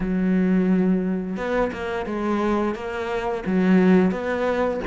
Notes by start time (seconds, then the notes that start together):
0.00 F#3
1.36 B3
1.72 A#3
2.06 G#3
2.74 A#3
3.46 F#3
4.11 B3